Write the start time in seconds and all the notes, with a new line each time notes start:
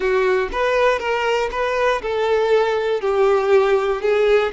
0.00 F#4
0.52 B4
0.99 A#4
1.51 B4
2.01 A4
3.00 G4
4.01 G#4